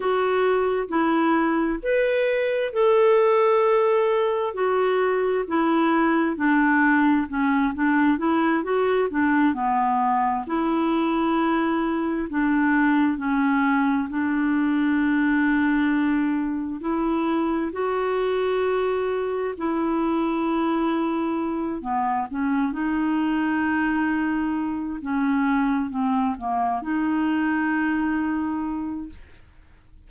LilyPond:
\new Staff \with { instrumentName = "clarinet" } { \time 4/4 \tempo 4 = 66 fis'4 e'4 b'4 a'4~ | a'4 fis'4 e'4 d'4 | cis'8 d'8 e'8 fis'8 d'8 b4 e'8~ | e'4. d'4 cis'4 d'8~ |
d'2~ d'8 e'4 fis'8~ | fis'4. e'2~ e'8 | b8 cis'8 dis'2~ dis'8 cis'8~ | cis'8 c'8 ais8 dis'2~ dis'8 | }